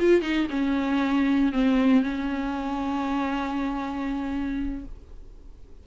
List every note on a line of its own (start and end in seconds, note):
0.00 0.22 F4
0.22 0.48 D#4
0.51 1.53 C#4
1.53 2.03 C4
2.03 4.85 C#4